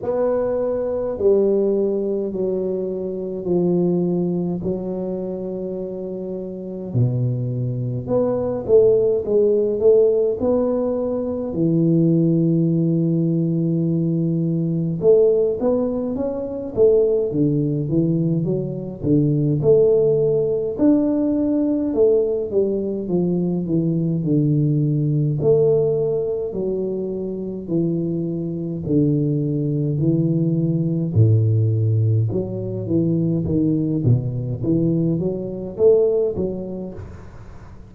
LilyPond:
\new Staff \with { instrumentName = "tuba" } { \time 4/4 \tempo 4 = 52 b4 g4 fis4 f4 | fis2 b,4 b8 a8 | gis8 a8 b4 e2~ | e4 a8 b8 cis'8 a8 d8 e8 |
fis8 d8 a4 d'4 a8 g8 | f8 e8 d4 a4 fis4 | e4 d4 e4 a,4 | fis8 e8 dis8 b,8 e8 fis8 a8 fis8 | }